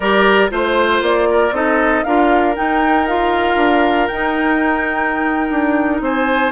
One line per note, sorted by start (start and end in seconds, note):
0.00 0.50 G3
0.00 0.50 G4
0.00 0.50 A#4
0.00 0.50 D5
0.50 1.01 A3
0.50 1.52 F4
0.50 1.02 C5
0.50 1.28 C5
1.01 1.51 A#3
1.01 1.54 D5
1.30 1.54 A#4
1.51 2.02 C4
1.51 2.04 D#4
1.51 2.05 A4
1.51 2.03 D#5
2.03 2.57 D4
2.03 2.55 F4
2.03 6.02 A#4
2.03 2.54 F5
2.55 3.06 D#4
2.55 3.56 D#4
2.55 3.07 G5
3.07 4.10 F4
3.07 4.07 F5
3.56 4.07 D4
4.07 6.52 D#4
4.07 5.50 D#4
4.07 5.99 G5
5.50 6.00 D4
6.00 6.52 C4
6.00 6.52 C5
6.00 6.52 G#5